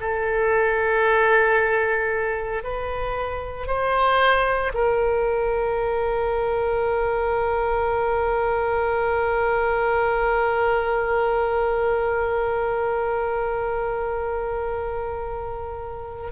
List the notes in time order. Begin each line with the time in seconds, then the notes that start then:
0.00 A4
2.63 B4
3.67 C5
4.74 A#4